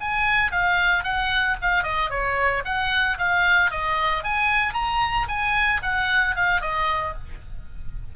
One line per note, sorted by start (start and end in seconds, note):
0.00 0.52 G#5
0.52 1.03 F5
1.03 1.56 F#5
1.61 1.83 F5
1.83 2.10 D#5
2.10 2.63 C#5
2.65 3.18 F#5
3.18 3.71 F5
3.71 4.24 D#5
4.24 4.74 G#5
4.74 5.27 A#5
5.28 5.81 G#5
5.82 6.35 F#5
6.35 6.61 F5
6.61 7.14 D#5